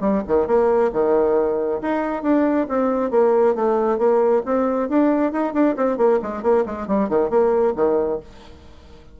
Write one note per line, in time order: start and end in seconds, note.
0.00 0.22 G3
0.27 0.47 D#3
0.47 0.91 A#3
0.92 1.80 D#3
1.81 2.22 D#4
2.22 2.67 D4
2.68 3.10 C4
3.10 3.55 A#3
3.55 3.98 A3
3.98 4.42 A#3
4.45 4.89 C4
4.89 5.32 D4
5.32 5.53 D#4
5.53 5.75 D4
5.76 5.97 C4
5.97 6.19 A#3
6.22 6.42 G#3
6.42 6.64 A#3
6.65 6.87 G#3
6.87 7.08 G3
7.08 7.29 D#3
7.29 7.74 A#3
7.75 8.19 D#3